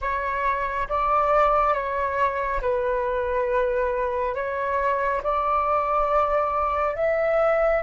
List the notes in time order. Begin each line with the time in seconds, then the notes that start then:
0.01 C#5
0.88 D5
1.74 C#5
2.61 B4
4.34 C#5
5.23 D5
6.95 E5